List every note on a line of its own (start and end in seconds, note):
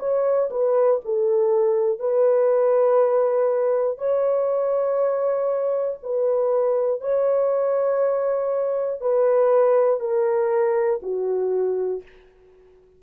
0.00 0.50 C#5
0.51 1.01 B4
1.05 2.00 A4
2.00 3.99 B4
3.99 5.99 C#5
6.03 7.01 B4
7.01 9.01 C#5
9.01 10.00 B4
10.00 11.00 A#4
11.03 12.03 F#4